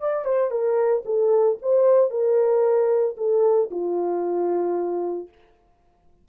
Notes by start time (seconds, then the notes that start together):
0.00 D5
0.25 C5
0.50 A#4
1.05 A4
1.62 C5
2.11 A#4
3.17 A4
3.71 F4